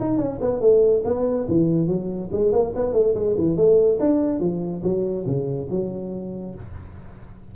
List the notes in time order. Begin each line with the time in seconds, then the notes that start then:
0.00 D#4
0.17 C#4
0.41 B3
0.60 A3
1.04 B3
1.48 E3
1.87 F#3
2.32 G#3
2.52 A#3
2.75 B3
2.93 A3
3.14 G#3
3.37 E3
3.56 A3
4.00 D4
4.40 F3
4.83 F#3
5.26 C#3
5.70 F#3